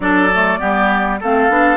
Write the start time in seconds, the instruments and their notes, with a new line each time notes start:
0.00 bassoon F#3, clarinet D4, oboe A4, flute D5
0.33 clarinet A3
0.59 bassoon G3, clarinet B3, oboe G4
1.20 bassoon A3, clarinet C4, oboe A4, flute F5
1.49 bassoon B3, clarinet D4